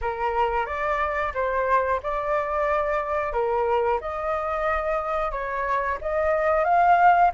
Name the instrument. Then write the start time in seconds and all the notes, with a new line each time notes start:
flute
0.01 A#4
0.65 D5
1.33 C5
2.02 D5
3.32 A#4
4.00 D#5
5.31 C#5
6.01 D#5
6.64 F5